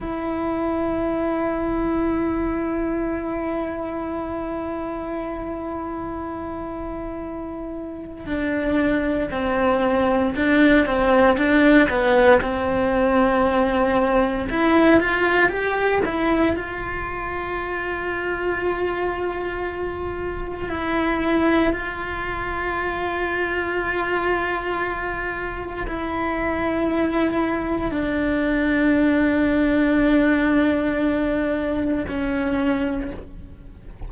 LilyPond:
\new Staff \with { instrumentName = "cello" } { \time 4/4 \tempo 4 = 58 e'1~ | e'1 | d'4 c'4 d'8 c'8 d'8 b8 | c'2 e'8 f'8 g'8 e'8 |
f'1 | e'4 f'2.~ | f'4 e'2 d'4~ | d'2. cis'4 | }